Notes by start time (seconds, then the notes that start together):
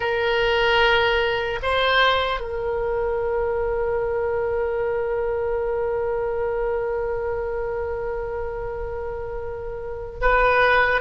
0.00 A#4
1.62 C5
2.40 A#4
10.21 B4